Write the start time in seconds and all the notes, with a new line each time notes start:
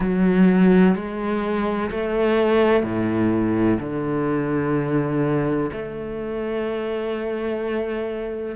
0.00 F#3
0.95 G#3
1.90 A3
2.83 A2
3.80 D3
5.72 A3